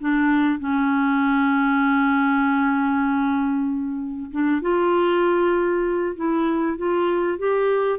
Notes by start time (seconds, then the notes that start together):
0.00 D4
0.59 C#4
4.31 D4
4.62 F4
6.16 E4
6.78 F4
7.38 G4